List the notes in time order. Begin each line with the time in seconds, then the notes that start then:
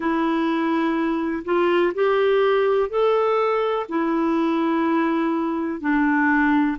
0.00 E4
1.45 F4
1.94 G4
2.89 A4
3.88 E4
5.80 D4